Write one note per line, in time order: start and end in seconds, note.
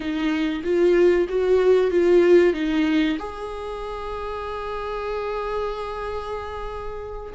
0.00 0.62 D#4
0.64 1.27 F4
1.29 1.91 F#4
1.91 2.53 F4
2.53 3.17 D#4
3.18 7.33 G#4